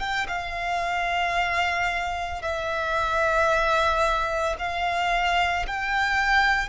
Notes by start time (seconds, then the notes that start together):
0.00 G5
0.28 F5
2.42 E5
4.59 F5
5.67 G5